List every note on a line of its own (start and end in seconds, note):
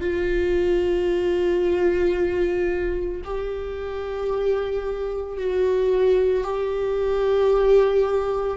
0.00 3.21 F4
3.24 5.37 G4
5.37 6.43 F#4
6.43 8.57 G4